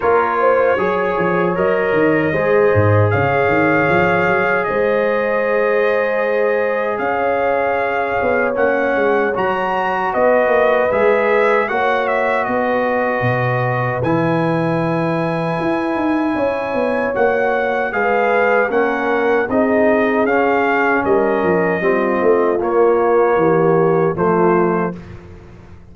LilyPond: <<
  \new Staff \with { instrumentName = "trumpet" } { \time 4/4 \tempo 4 = 77 cis''2 dis''2 | f''2 dis''2~ | dis''4 f''2 fis''4 | ais''4 dis''4 e''4 fis''8 e''8 |
dis''2 gis''2~ | gis''2 fis''4 f''4 | fis''4 dis''4 f''4 dis''4~ | dis''4 cis''2 c''4 | }
  \new Staff \with { instrumentName = "horn" } { \time 4/4 ais'8 c''8 cis''2 c''4 | cis''2 c''2~ | c''4 cis''2.~ | cis''4 b'2 cis''4 |
b'1~ | b'4 cis''2 b'4 | ais'4 gis'2 ais'4 | f'2 g'4 f'4 | }
  \new Staff \with { instrumentName = "trombone" } { \time 4/4 f'4 gis'4 ais'4 gis'4~ | gis'1~ | gis'2. cis'4 | fis'2 gis'4 fis'4~ |
fis'2 e'2~ | e'2 fis'4 gis'4 | cis'4 dis'4 cis'2 | c'4 ais2 a4 | }
  \new Staff \with { instrumentName = "tuba" } { \time 4/4 ais4 fis8 f8 fis8 dis8 gis8 gis,8 | cis8 dis8 f8 fis8 gis2~ | gis4 cis'4. b8 ais8 gis8 | fis4 b8 ais8 gis4 ais4 |
b4 b,4 e2 | e'8 dis'8 cis'8 b8 ais4 gis4 | ais4 c'4 cis'4 g8 f8 | g8 a8 ais4 e4 f4 | }
>>